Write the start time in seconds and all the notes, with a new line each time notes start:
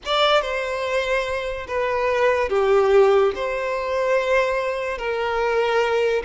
0.05 D5
0.41 C5
1.67 B4
2.48 G4
3.35 C5
4.98 A#4